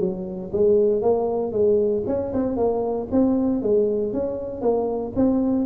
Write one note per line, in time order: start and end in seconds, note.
0.00 0.51 F#3
0.53 1.02 G#3
1.02 1.52 A#3
1.52 2.03 G#3
2.07 2.33 C#4
2.34 2.57 C4
2.57 3.08 A#3
3.11 3.62 C4
3.62 4.13 G#3
4.13 4.62 C#4
4.62 5.13 A#3
5.16 5.66 C4